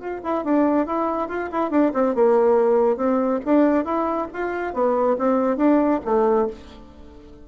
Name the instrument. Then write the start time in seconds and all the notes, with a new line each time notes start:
bassoon
0.00 F4
0.24 E4
0.45 D4
0.87 E4
1.29 F4
1.52 E4
1.71 D4
1.94 C4
2.15 A#3
2.97 C4
3.45 D4
3.85 E4
4.34 F4
4.74 B3
5.19 C4
5.57 D4
6.05 A3